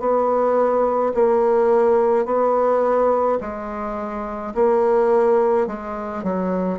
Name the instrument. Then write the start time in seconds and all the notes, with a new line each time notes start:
bassoon
0.00 B3
1.15 A#3
2.26 B3
3.41 G#3
4.55 A#3
5.68 G#3
6.24 F#3